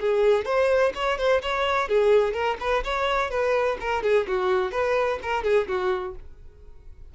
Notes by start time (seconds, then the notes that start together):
0.00 G#4
0.45 C5
0.94 C#5
1.18 C5
1.42 C#5
1.89 G#4
2.33 A#4
2.60 B4
2.84 C#5
3.30 B4
3.80 A#4
4.03 G#4
4.28 F#4
4.72 B4
5.22 A#4
5.43 G#4
5.68 F#4